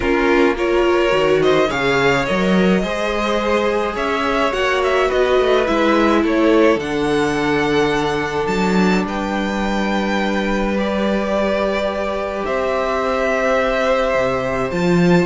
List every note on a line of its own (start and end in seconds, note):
0.00 1.12 A#3
0.00 0.55 C#4
0.00 0.55 F4
0.00 0.55 A#4
0.56 1.09 F4
0.56 1.41 A#4
0.56 1.42 C#5
1.09 1.68 D#3
1.09 1.65 F#4
1.42 1.68 C5
1.42 1.70 D#5
1.68 2.27 C#3
1.68 2.26 G#4
1.68 2.81 C#5
1.68 2.25 F5
2.25 2.83 F#3
2.25 2.83 A#4
2.25 3.94 D#5
2.82 3.95 G#3
2.82 4.52 G#4
2.82 3.95 C5
3.95 4.52 C#4
3.95 5.07 C#5
3.95 4.52 E5
4.52 5.10 A#3
4.52 5.65 F#4
4.52 4.81 F#5
4.83 5.10 E5
5.07 5.39 B3
5.07 6.20 B4
5.07 5.66 D#5
5.39 5.68 A3
5.66 6.24 G#3
5.66 6.79 E4
5.66 6.23 E5
6.22 6.76 A3
6.22 9.05 A4
6.22 6.79 C#5
6.76 8.45 D3
6.76 10.76 D4
6.76 8.47 F#5
8.47 9.03 F#3
8.47 9.03 A5
9.03 12.43 G3
9.03 12.46 B4
9.03 10.77 G5
10.77 14.72 G4
10.77 12.45 D5
12.45 14.14 C4
12.45 15.25 C5
12.45 14.70 E5
14.14 14.71 C3
14.70 15.25 F3
14.70 15.25 F4
14.70 15.25 A5